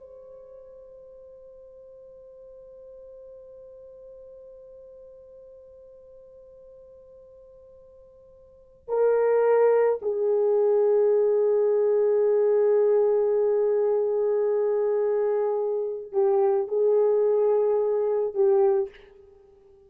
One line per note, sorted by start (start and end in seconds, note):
0.00 8.89 C5
8.89 10.00 A#4
10.02 16.13 G#4
16.13 16.68 G4
16.68 18.34 G#4
18.34 18.90 G4